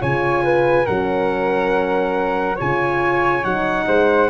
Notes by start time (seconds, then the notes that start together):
0.00 C#3 F4 C#5 G#5
0.44 B4
0.85 F#3 C#4 A#4 F#5
2.55 C#3 F4 C#5 G#5
3.43 F#3 D#4 F#5
3.87 G#3 C5